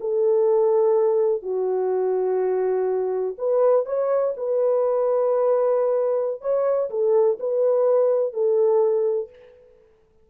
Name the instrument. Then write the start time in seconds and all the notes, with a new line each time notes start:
horn
0.00 A4
1.42 F#4
3.37 B4
3.85 C#5
4.36 B4
6.41 C#5
6.90 A4
7.39 B4
8.32 A4